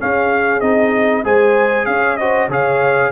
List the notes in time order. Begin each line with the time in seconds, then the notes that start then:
0.00 C#4 G#4 F5
0.61 C4 D#4 D#5
1.24 G#3 G#4 C5 G#5
1.86 C#4 C#5 F5
2.17 F#4 C5 D#5
2.49 C#3 G#4 C#5 F5